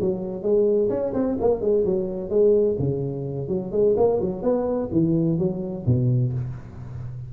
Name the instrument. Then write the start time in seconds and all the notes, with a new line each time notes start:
tuba
0.00 F#3
0.42 G#3
0.89 C#4
1.14 C4
1.40 A#3
1.60 G#3
1.85 F#3
2.29 G#3
2.79 C#3
3.48 F#3
3.72 G#3
3.97 A#3
4.21 F#3
4.42 B3
4.91 E3
5.38 F#3
5.86 B2